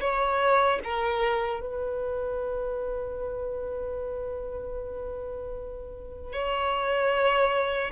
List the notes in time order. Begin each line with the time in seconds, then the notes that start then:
0.00 C#5
0.84 A#4
1.60 B4
6.33 C#5